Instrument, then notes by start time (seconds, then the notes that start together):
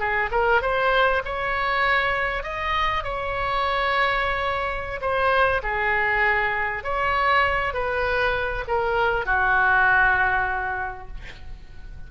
oboe
0.00 G#4
0.32 A#4
0.62 C5
1.25 C#5
2.44 D#5
3.04 C#5
5.02 C5
5.63 G#4
6.84 C#5
7.74 B4
8.68 A#4
9.26 F#4